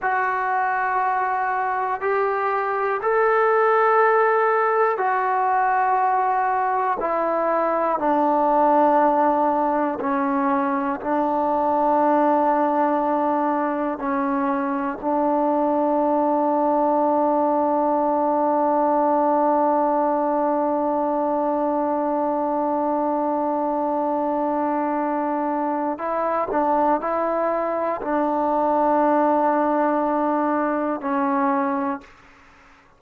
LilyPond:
\new Staff \with { instrumentName = "trombone" } { \time 4/4 \tempo 4 = 60 fis'2 g'4 a'4~ | a'4 fis'2 e'4 | d'2 cis'4 d'4~ | d'2 cis'4 d'4~ |
d'1~ | d'1~ | d'2 e'8 d'8 e'4 | d'2. cis'4 | }